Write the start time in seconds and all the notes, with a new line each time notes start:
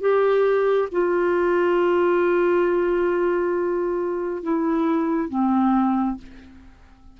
0.00 G4
0.91 F4
4.42 E4
5.29 C4